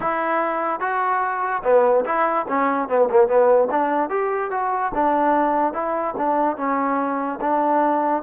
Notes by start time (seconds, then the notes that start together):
0.00 E4
0.80 F#4
1.63 B3
2.05 E4
2.48 C#4
2.88 B3
3.10 A#3
3.27 B3
3.70 D4
4.09 G4
4.51 F#4
4.94 D4
5.73 E4
6.17 D4
6.56 C#4
7.40 D4